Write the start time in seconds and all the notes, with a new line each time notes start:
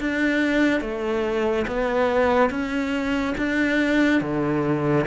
0.00 D4
0.81 A3
1.67 B3
2.50 C#4
3.38 D4
4.21 D3